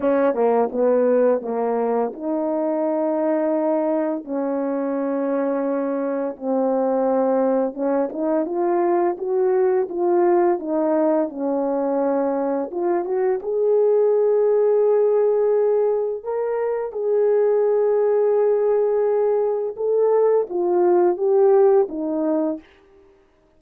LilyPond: \new Staff \with { instrumentName = "horn" } { \time 4/4 \tempo 4 = 85 cis'8 ais8 b4 ais4 dis'4~ | dis'2 cis'2~ | cis'4 c'2 cis'8 dis'8 | f'4 fis'4 f'4 dis'4 |
cis'2 f'8 fis'8 gis'4~ | gis'2. ais'4 | gis'1 | a'4 f'4 g'4 dis'4 | }